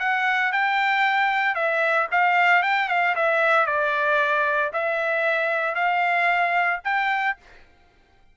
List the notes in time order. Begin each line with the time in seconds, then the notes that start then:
0.00 F#5
0.53 G5
1.56 E5
2.12 F5
2.63 G5
2.89 F5
3.16 E5
3.67 D5
4.74 E5
5.76 F5
6.85 G5